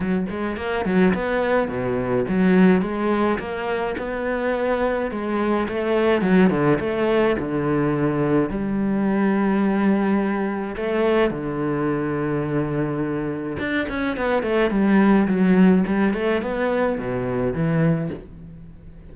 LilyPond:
\new Staff \with { instrumentName = "cello" } { \time 4/4 \tempo 4 = 106 fis8 gis8 ais8 fis8 b4 b,4 | fis4 gis4 ais4 b4~ | b4 gis4 a4 fis8 d8 | a4 d2 g4~ |
g2. a4 | d1 | d'8 cis'8 b8 a8 g4 fis4 | g8 a8 b4 b,4 e4 | }